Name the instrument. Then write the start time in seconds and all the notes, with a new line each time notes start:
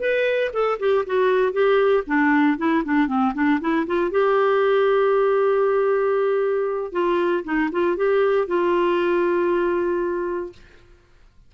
clarinet
0.00 B4
0.53 A4
0.79 G4
1.06 F#4
1.53 G4
2.07 D4
2.58 E4
2.85 D4
3.07 C4
3.34 D4
3.61 E4
3.87 F4
4.11 G4
6.92 F4
7.44 D#4
7.72 F4
7.97 G4
8.47 F4